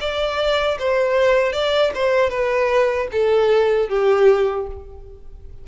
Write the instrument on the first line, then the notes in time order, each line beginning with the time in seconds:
violin
0.00 D5
0.79 C5
1.52 D5
1.94 C5
2.30 B4
3.12 A4
3.89 G4